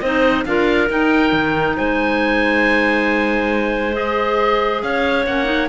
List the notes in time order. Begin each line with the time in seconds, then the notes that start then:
0.00 C4 D#4 C5 D#5
0.45 D4 F4 A#4 F5
0.88 D#4 G5
1.32 D#3
1.76 G#3 C5 G#5
3.93 G#4 D#5
4.82 C#4 C#5 F5
5.25 A#3 C#4 F#5
5.44 D#4